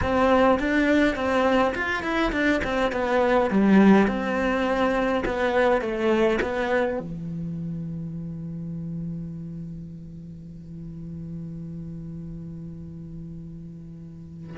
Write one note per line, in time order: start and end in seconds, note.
0.02 0.59 C4
0.59 1.15 D4
1.15 1.73 C4
1.74 2.02 F4
2.02 2.31 E4
2.32 2.61 D4
2.63 2.92 C4
2.92 3.50 B3
3.50 4.07 G3
4.07 5.23 C4
5.25 5.81 B3
5.81 6.39 A3
6.41 6.99 B3
6.99 14.56 E3